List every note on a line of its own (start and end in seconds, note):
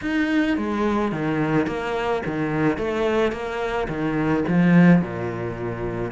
0.01 0.57 D#4
0.57 1.12 G#3
1.12 1.66 D#3
1.66 2.22 A#3
2.26 2.77 D#3
2.77 3.32 A3
3.32 3.87 A#3
3.88 4.43 D#3
4.47 5.01 F3
5.01 6.11 A#2